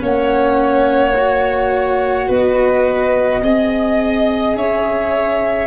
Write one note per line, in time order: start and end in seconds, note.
0.00 2.29 A#3
0.00 1.13 C#4
0.00 2.28 C#5
0.00 2.30 F#5
1.16 3.42 F#4
2.28 3.42 B3
2.28 3.42 B4
2.28 4.56 D#5
3.42 4.55 C4
3.42 5.67 G#4
3.42 4.56 D#5
4.55 5.67 C#4
4.55 5.67 C#5
4.55 5.67 E5